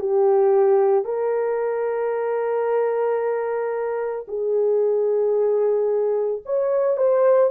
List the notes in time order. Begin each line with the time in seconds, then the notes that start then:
0.00 G4
1.05 A#4
4.29 G#4
6.46 C#5
6.97 C5